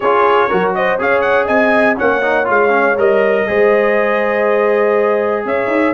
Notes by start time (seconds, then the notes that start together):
0.00 C#4 F4 G#4 C#5
0.48 F#3 F#4 A#4
0.75 C5 D#5
0.98 C#4 G#4 C#5 F5
1.21 F#5
1.45 C4 D#5 G#5
1.96 A#3 C#4 C#5 F#5
2.22 D#4
2.44 G#3 F4 F5
2.69 C#4
2.97 G3 A#4 D#5
3.47 G#3 G#4 C5
5.45 C#4 C#5 E5
5.66 D#4